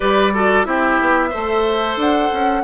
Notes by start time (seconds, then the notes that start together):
0.00 G3 G4 B4 D5
0.33 F#4 A4
0.64 C4 E4 G4 E5
1.00 B3
1.29 A3 A4 C5
1.96 D4 F#5
2.32 C#4